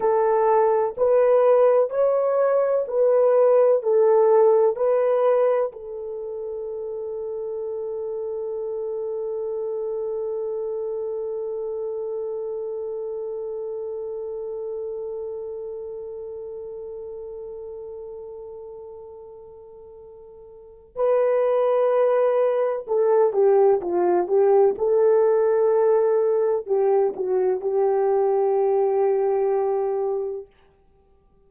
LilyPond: \new Staff \with { instrumentName = "horn" } { \time 4/4 \tempo 4 = 63 a'4 b'4 cis''4 b'4 | a'4 b'4 a'2~ | a'1~ | a'1~ |
a'1~ | a'2 b'2 | a'8 g'8 f'8 g'8 a'2 | g'8 fis'8 g'2. | }